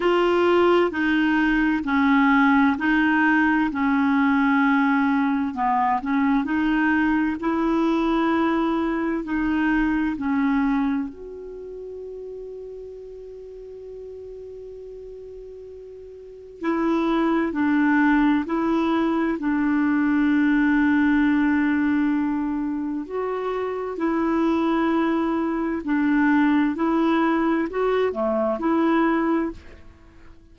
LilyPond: \new Staff \with { instrumentName = "clarinet" } { \time 4/4 \tempo 4 = 65 f'4 dis'4 cis'4 dis'4 | cis'2 b8 cis'8 dis'4 | e'2 dis'4 cis'4 | fis'1~ |
fis'2 e'4 d'4 | e'4 d'2.~ | d'4 fis'4 e'2 | d'4 e'4 fis'8 a8 e'4 | }